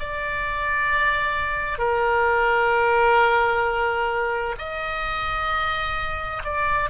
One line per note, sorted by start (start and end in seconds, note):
0.00 1.79 D5
1.79 4.56 A#4
4.59 6.43 D#5
6.44 6.90 D5